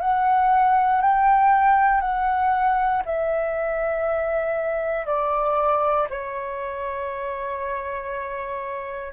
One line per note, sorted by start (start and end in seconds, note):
0.00 1.01 F#5
1.01 2.00 G5
2.00 3.02 F#5
3.05 5.06 E5
5.06 6.07 D5
6.09 9.12 C#5